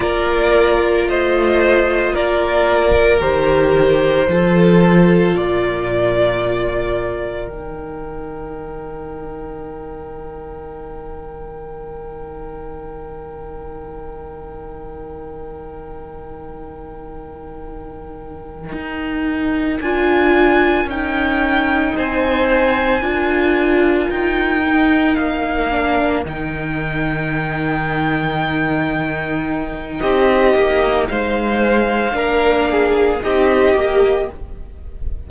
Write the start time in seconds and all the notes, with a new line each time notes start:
0.00 A#3 F4 A#4 D5
1.06 A3 C5 D#5
2.13 A#3 A#4 D5
3.19 D#3 G4 C5
4.27 F3 F4 A4
5.33 A#2 A#4 D5
7.47 D#3 D#4 G5
18.72 D#4
19.80 D4 F4 G#5
20.85 C#4 D#4 G5
21.96 C4 C5 G#5
23.01 D4 F4 A#4
24.10 D#4 G5
24.66 D#4
25.15 A#3 F5
25.71 D4
26.24 D#3 D#4 G5
30.00 C4 G4 D#5
30.54 A#3
31.08 G#3 C5 F5
32.11 A#3 D4 A#4
32.71 G#4
33.22 C4 D#4 G4 D#5
33.75 A#3 G4